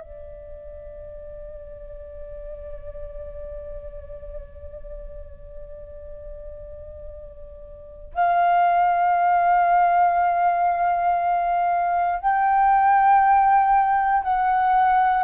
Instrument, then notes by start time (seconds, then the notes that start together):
flute
0.00 D5
8.14 F5
12.20 G5
14.23 F#5